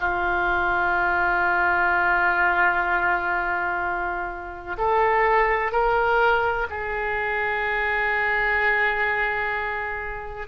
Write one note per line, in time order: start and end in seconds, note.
0.00 4.76 F4
4.77 5.71 A4
5.71 6.67 A#4
6.69 10.47 G#4